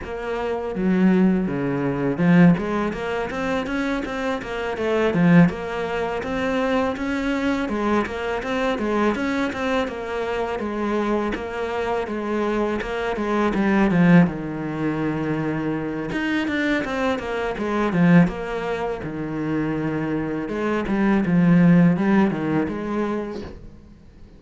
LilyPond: \new Staff \with { instrumentName = "cello" } { \time 4/4 \tempo 4 = 82 ais4 fis4 cis4 f8 gis8 | ais8 c'8 cis'8 c'8 ais8 a8 f8 ais8~ | ais8 c'4 cis'4 gis8 ais8 c'8 | gis8 cis'8 c'8 ais4 gis4 ais8~ |
ais8 gis4 ais8 gis8 g8 f8 dis8~ | dis2 dis'8 d'8 c'8 ais8 | gis8 f8 ais4 dis2 | gis8 g8 f4 g8 dis8 gis4 | }